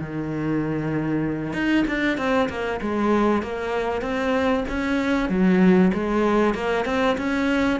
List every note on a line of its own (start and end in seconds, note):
0.00 1.53 D#3
1.53 1.84 D#4
1.88 2.17 D4
2.17 2.49 C4
2.49 2.80 A#3
2.81 3.42 G#3
3.42 4.02 A#3
4.02 4.64 C4
4.69 5.29 C#4
5.29 5.92 F#3
5.93 6.54 G#3
6.54 6.85 A#3
6.85 7.16 C4
7.18 7.80 C#4